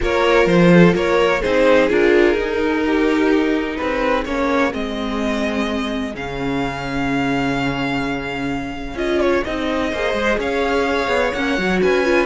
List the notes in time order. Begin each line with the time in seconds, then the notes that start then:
0.00 A#3 F4 A#4 C#5
0.46 F3 C5
0.72 A4
0.95 A#3 A#4 C#5
1.41 C4 D#4 G#4 C5
1.89 D4 F4 A#4
2.34 D#4
2.86 G4
3.76 C4 G#4 B4
4.25 A#3 C#4 C#5
4.72 G#3 C4 D#5
6.14 C#3 C#4 F5
8.94 C#4 F4 D#5
9.21 C#5
9.44 C4 D#4 D#5
9.92 A#3 G#4 C5
10.13 G#3
10.38 C#4 C#5 F5
11.07 B3
11.32 A#3 C#4 F#5
11.57 F#3 F#4
11.82 C#4 B4 G#5
12.04 F4